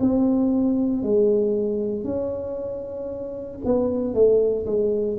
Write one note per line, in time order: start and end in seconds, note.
0.00 1.03 C4
1.03 2.04 G#3
2.04 3.59 C#4
3.65 4.14 B3
4.14 4.66 A3
4.66 5.18 G#3